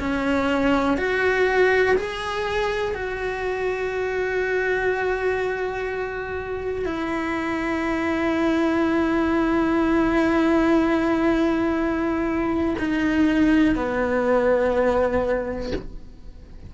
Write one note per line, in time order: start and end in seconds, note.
0.00 0.98 C#4
0.98 1.96 F#4
1.97 2.95 G#4
2.95 6.85 F#4
6.85 12.76 E4
12.79 13.76 D#4
13.76 15.72 B3